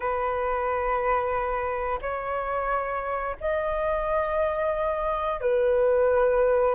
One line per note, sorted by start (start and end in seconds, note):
0.00 1.99 B4
2.01 3.36 C#5
3.40 5.41 D#5
5.41 6.75 B4